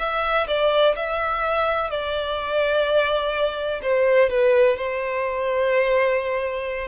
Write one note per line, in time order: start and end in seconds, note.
0.00 0.48 E5
0.48 0.95 D5
0.96 1.90 E5
1.90 3.81 D5
3.83 4.30 C5
4.30 4.77 B4
4.77 6.88 C5